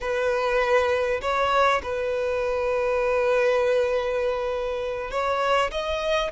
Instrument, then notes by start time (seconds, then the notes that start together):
violin
0.00 B4
1.21 C#5
1.82 B4
5.11 C#5
5.71 D#5